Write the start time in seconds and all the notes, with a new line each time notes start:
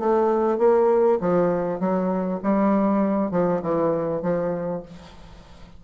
0.00 A3
0.59 A#3
1.21 F3
1.80 F#3
2.44 G3
3.31 F3
3.63 E3
4.23 F3